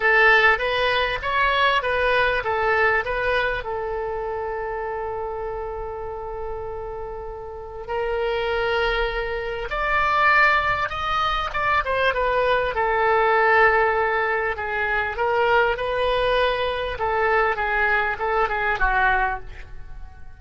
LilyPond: \new Staff \with { instrumentName = "oboe" } { \time 4/4 \tempo 4 = 99 a'4 b'4 cis''4 b'4 | a'4 b'4 a'2~ | a'1~ | a'4 ais'2. |
d''2 dis''4 d''8 c''8 | b'4 a'2. | gis'4 ais'4 b'2 | a'4 gis'4 a'8 gis'8 fis'4 | }